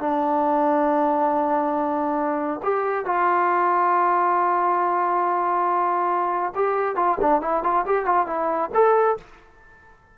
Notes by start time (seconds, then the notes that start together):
0.00 D4
2.63 G4
3.06 F4
6.55 G4
6.96 F4
7.21 D4
7.42 E4
7.64 F4
7.86 G4
8.06 F4
8.27 E4
8.74 A4